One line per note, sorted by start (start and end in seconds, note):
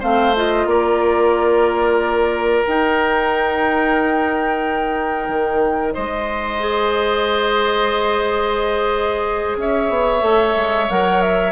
0.00 0.66 A3
0.00 0.34 C4
0.00 0.66 C5
0.00 0.36 F5
0.36 2.66 F4
0.36 0.68 D#5
0.66 2.63 A#3
0.66 5.94 A#4
0.66 2.65 D5
2.65 6.60 D#4
2.65 5.28 D#4
2.65 5.94 G5
5.28 5.94 D#3
5.94 9.56 G#3
5.94 9.57 C5
5.94 9.57 D#5
6.60 10.20 G#4
9.56 9.89 C#4
9.56 11.52 C#5
9.56 10.90 E5
9.89 10.22 B3
10.20 10.55 A3
10.20 10.86 A4
10.55 10.88 G#3
10.90 11.52 F#3
10.90 11.52 A#4
10.90 11.21 F#5
11.21 11.52 E5